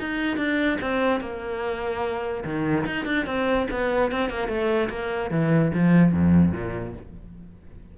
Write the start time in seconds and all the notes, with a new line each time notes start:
0.00 D#4
0.37 D4
0.81 C4
1.21 A#3
2.45 D#3
2.86 D#4
3.06 D4
3.26 C4
3.71 B3
4.12 C4
4.30 A#3
4.48 A3
4.90 A#3
5.31 E3
5.75 F3
6.13 F2
6.52 A#2